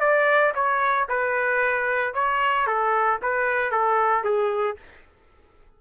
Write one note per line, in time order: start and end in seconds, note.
0.00 0.53 D5
0.55 1.08 C#5
1.09 2.14 B4
2.14 2.67 C#5
2.67 3.20 A4
3.22 3.71 B4
3.71 4.24 A4
4.24 4.77 G#4